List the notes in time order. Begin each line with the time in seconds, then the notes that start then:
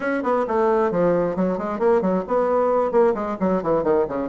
0.00 C#4
0.23 B3
0.47 A3
0.91 F3
1.36 F#3
1.58 G#3
1.79 A#3
2.01 F#3
2.27 B3
2.91 A#3
3.14 G#3
3.40 F#3
3.62 E3
3.83 D#3
4.08 C#3